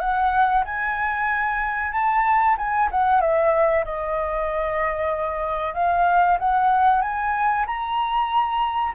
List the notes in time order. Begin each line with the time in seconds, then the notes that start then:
0.00 F#5
0.65 G#5
1.92 A5
2.57 G#5
2.91 F#5
3.21 E5
3.85 D#5
5.74 F5
6.39 F#5
7.02 G#5
7.66 A#5